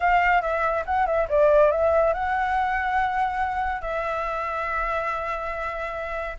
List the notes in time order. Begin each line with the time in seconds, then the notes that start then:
0.00 F5
0.41 E5
0.85 F#5
1.06 E5
1.28 D5
1.71 E5
2.13 F#5
3.81 E5